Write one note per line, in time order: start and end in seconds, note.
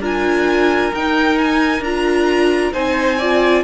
0.00 0.91 D4
0.00 0.93 F4
0.00 2.72 A#4
0.00 0.95 G#5
0.94 1.80 D#4
0.94 1.85 D#4
0.94 1.38 G5
1.38 1.84 G#5
1.80 2.71 D4
1.80 2.73 F4
1.80 2.73 A#5
2.72 3.64 C4
2.72 3.19 D#4
2.72 3.18 C5
2.72 3.64 G#5
3.18 3.64 F4
3.18 3.63 D5